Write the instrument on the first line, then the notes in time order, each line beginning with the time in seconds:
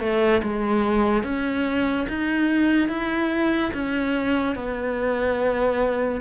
cello
0.00 A3
0.42 G#3
1.23 C#4
2.09 D#4
2.89 E4
3.74 C#4
4.55 B3